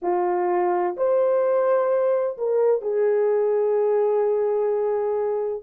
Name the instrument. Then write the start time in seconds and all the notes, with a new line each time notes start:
horn
0.02 F4
0.96 C5
2.37 A#4
2.81 G#4